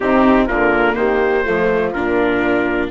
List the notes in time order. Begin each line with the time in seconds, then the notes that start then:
0.00 C3 C4 D#4 G4
0.47 D3 A#3 F4 A#4
0.94 D#3 G4 C5
1.44 F3 A3 F4
1.92 A#2 D4 A#4